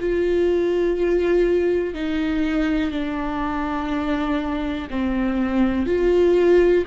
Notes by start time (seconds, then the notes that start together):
0.00 F4
1.94 D#4
2.91 D4
4.90 C4
5.86 F4